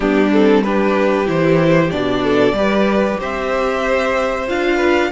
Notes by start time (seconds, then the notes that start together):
0.00 G3 B3 D4 G4
0.32 C4 A4
0.63 D4 G4 B4
1.25 E3 E4 C5
1.90 B2 D4 D5
2.23 A4
2.52 G3 G4 B4
3.20 C4 C5 E5
4.47 D4 F4 F5
4.76 B4